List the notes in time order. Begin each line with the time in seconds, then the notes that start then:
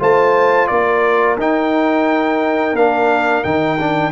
0.00 A3 F4 C5 A5
0.68 A#3 A#4 D5
1.37 D#4 G5
2.74 A#3 D4 F5
3.44 D#3 D#4 G5
3.80 D4